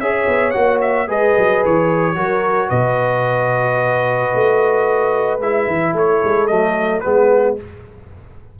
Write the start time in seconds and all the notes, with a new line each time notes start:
0.00 C#4 G#4 C#5 E5
0.28 B3
0.51 A#3 F#4 F#5
0.81 E5
1.08 G#3 G#4 B4 D#5
1.38 F#3
1.65 E3 C#5
2.15 F#3 F#4 A#4
2.68 B2 B4 D#5
4.35 A3
5.40 G#3 E4 E5
5.67 E3
5.93 A3 A4 C#5
6.24 G#3
6.47 F#3 A3 D#5
7.01 G#3 B3 G#4 B4